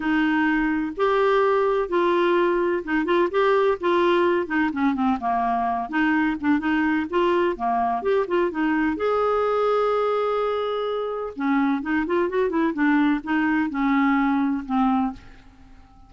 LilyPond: \new Staff \with { instrumentName = "clarinet" } { \time 4/4 \tempo 4 = 127 dis'2 g'2 | f'2 dis'8 f'8 g'4 | f'4. dis'8 cis'8 c'8 ais4~ | ais8 dis'4 d'8 dis'4 f'4 |
ais4 g'8 f'8 dis'4 gis'4~ | gis'1 | cis'4 dis'8 f'8 fis'8 e'8 d'4 | dis'4 cis'2 c'4 | }